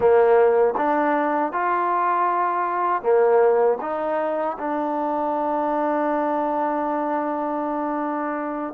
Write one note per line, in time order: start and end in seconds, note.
0.00 0.74 A#3
0.77 1.52 D4
1.52 3.02 F4
3.02 3.78 A#3
3.81 4.57 D#4
4.58 8.73 D4